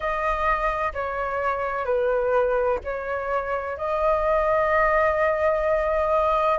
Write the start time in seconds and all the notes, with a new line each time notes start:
0.00 D#5
0.93 C#5
1.85 B4
2.84 C#5
3.77 D#5